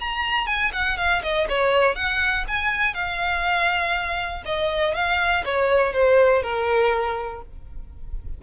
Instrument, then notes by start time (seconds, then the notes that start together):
violin
0.00 A#5
0.47 G#5
0.73 F#5
0.98 F5
1.23 D#5
1.49 C#5
1.96 F#5
2.48 G#5
2.94 F5
4.46 D#5
4.95 F5
5.45 C#5
5.93 C5
6.43 A#4